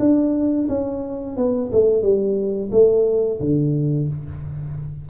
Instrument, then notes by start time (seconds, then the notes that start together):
tuba
0.00 D4
0.69 C#4
1.37 B3
1.73 A3
2.03 G3
2.72 A3
3.41 D3